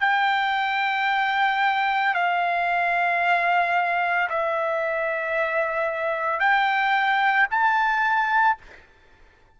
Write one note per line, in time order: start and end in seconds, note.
0.00 2.14 G5
2.14 4.28 F5
4.29 6.39 E5
6.39 7.47 G5
7.50 8.58 A5